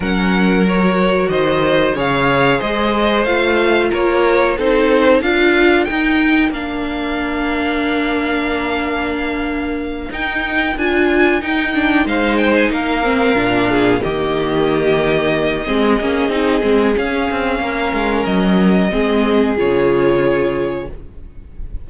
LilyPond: <<
  \new Staff \with { instrumentName = "violin" } { \time 4/4 \tempo 4 = 92 fis''4 cis''4 dis''4 f''4 | dis''4 f''4 cis''4 c''4 | f''4 g''4 f''2~ | f''2.~ f''8 g''8~ |
g''8 gis''4 g''4 f''8 g''16 gis''16 f''8~ | f''4. dis''2~ dis''8~ | dis''2 f''2 | dis''2 cis''2 | }
  \new Staff \with { instrumentName = "violin" } { \time 4/4 ais'2 c''4 cis''4 | c''2 ais'4 a'4 | ais'1~ | ais'1~ |
ais'2~ ais'8 c''4 ais'8~ | ais'4 gis'8 g'2~ g'8 | gis'2. ais'4~ | ais'4 gis'2. | }
  \new Staff \with { instrumentName = "viola" } { \time 4/4 cis'4 fis'2 gis'4~ | gis'4 f'2 dis'4 | f'4 dis'4 d'2~ | d'2.~ d'8 dis'8~ |
dis'8 f'4 dis'8 d'8 dis'4. | c'8 d'4 ais2~ ais8 | c'8 cis'8 dis'8 c'8 cis'2~ | cis'4 c'4 f'2 | }
  \new Staff \with { instrumentName = "cello" } { \time 4/4 fis2 dis4 cis4 | gis4 a4 ais4 c'4 | d'4 dis'4 ais2~ | ais2.~ ais8 dis'8~ |
dis'8 d'4 dis'4 gis4 ais8~ | ais8 ais,4 dis2~ dis8 | gis8 ais8 c'8 gis8 cis'8 c'8 ais8 gis8 | fis4 gis4 cis2 | }
>>